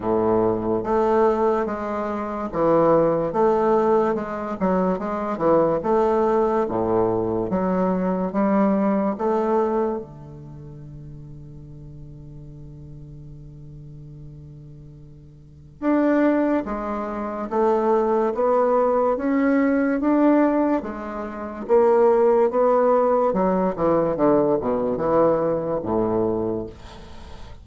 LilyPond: \new Staff \with { instrumentName = "bassoon" } { \time 4/4 \tempo 4 = 72 a,4 a4 gis4 e4 | a4 gis8 fis8 gis8 e8 a4 | a,4 fis4 g4 a4 | d1~ |
d2. d'4 | gis4 a4 b4 cis'4 | d'4 gis4 ais4 b4 | fis8 e8 d8 b,8 e4 a,4 | }